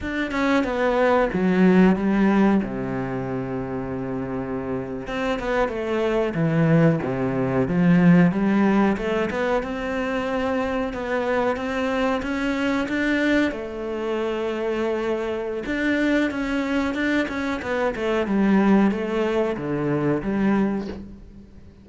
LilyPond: \new Staff \with { instrumentName = "cello" } { \time 4/4 \tempo 4 = 92 d'8 cis'8 b4 fis4 g4 | c2.~ c8. c'16~ | c'16 b8 a4 e4 c4 f16~ | f8. g4 a8 b8 c'4~ c'16~ |
c'8. b4 c'4 cis'4 d'16~ | d'8. a2.~ a16 | d'4 cis'4 d'8 cis'8 b8 a8 | g4 a4 d4 g4 | }